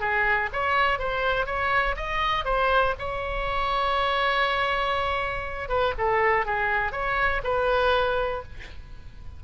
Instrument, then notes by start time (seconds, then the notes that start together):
oboe
0.00 G#4
0.53 C#5
0.99 C5
1.46 C#5
1.96 D#5
2.45 C5
2.99 C#5
5.69 B4
5.98 A4
6.46 G#4
6.92 C#5
7.43 B4